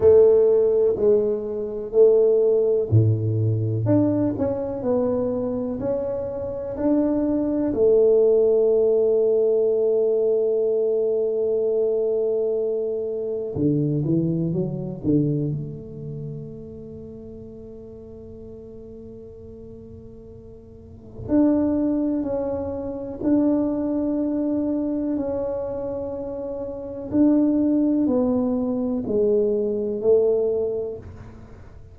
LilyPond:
\new Staff \with { instrumentName = "tuba" } { \time 4/4 \tempo 4 = 62 a4 gis4 a4 a,4 | d'8 cis'8 b4 cis'4 d'4 | a1~ | a2 d8 e8 fis8 d8 |
a1~ | a2 d'4 cis'4 | d'2 cis'2 | d'4 b4 gis4 a4 | }